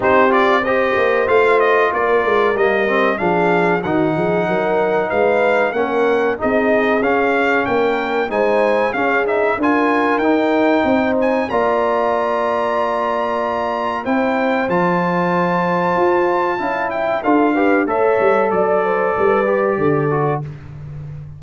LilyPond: <<
  \new Staff \with { instrumentName = "trumpet" } { \time 4/4 \tempo 4 = 94 c''8 d''8 dis''4 f''8 dis''8 d''4 | dis''4 f''4 fis''2 | f''4 fis''4 dis''4 f''4 | g''4 gis''4 f''8 e''8 gis''4 |
g''4. gis''8 ais''2~ | ais''2 g''4 a''4~ | a''2~ a''8 g''8 f''4 | e''4 d''2. | }
  \new Staff \with { instrumentName = "horn" } { \time 4/4 g'4 c''2 ais'4~ | ais'4 gis'4 fis'8 gis'8 ais'4 | b'4 ais'4 gis'2 | ais'4 c''4 gis'4 ais'4~ |
ais'4 c''4 d''2~ | d''2 c''2~ | c''2 f''8 e''8 a'8 b'8 | cis''4 d''8 c''8 b'4 a'4 | }
  \new Staff \with { instrumentName = "trombone" } { \time 4/4 dis'8 f'8 g'4 f'2 | ais8 c'8 d'4 dis'2~ | dis'4 cis'4 dis'4 cis'4~ | cis'4 dis'4 cis'8 dis'8 f'4 |
dis'2 f'2~ | f'2 e'4 f'4~ | f'2 e'4 f'8 g'8 | a'2~ a'8 g'4 fis'8 | }
  \new Staff \with { instrumentName = "tuba" } { \time 4/4 c'4. ais8 a4 ais8 gis8 | g4 f4 dis8 f8 fis4 | gis4 ais4 c'4 cis'4 | ais4 gis4 cis'4 d'4 |
dis'4 c'4 ais2~ | ais2 c'4 f4~ | f4 f'4 cis'4 d'4 | a8 g8 fis4 g4 d4 | }
>>